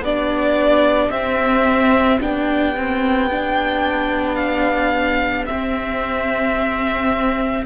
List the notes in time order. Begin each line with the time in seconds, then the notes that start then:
0.00 B3 D4 G4 D5
1.10 C4 E5
2.20 B3 D4 G5
2.76 C4
3.31 D4
4.35 F5
5.46 C4 E5